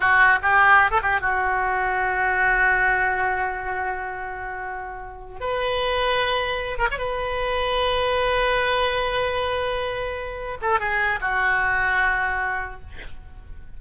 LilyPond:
\new Staff \with { instrumentName = "oboe" } { \time 4/4 \tempo 4 = 150 fis'4 g'4~ g'16 a'16 g'8 fis'4~ | fis'1~ | fis'1~ | fis'4. b'2~ b'8~ |
b'4 ais'16 cis''16 b'2~ b'8~ | b'1~ | b'2~ b'8 a'8 gis'4 | fis'1 | }